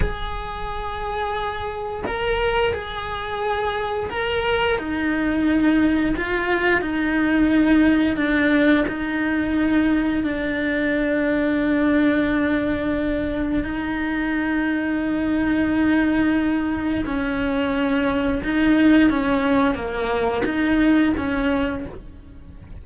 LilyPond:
\new Staff \with { instrumentName = "cello" } { \time 4/4 \tempo 4 = 88 gis'2. ais'4 | gis'2 ais'4 dis'4~ | dis'4 f'4 dis'2 | d'4 dis'2 d'4~ |
d'1 | dis'1~ | dis'4 cis'2 dis'4 | cis'4 ais4 dis'4 cis'4 | }